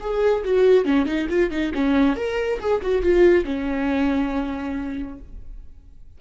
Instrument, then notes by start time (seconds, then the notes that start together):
viola
0.00 G#4
0.44 F#4
0.85 C#4
1.06 D#4
1.29 F4
1.50 D#4
1.74 C#4
2.16 A#4
2.59 G#4
2.82 F#4
3.02 F4
3.44 C#4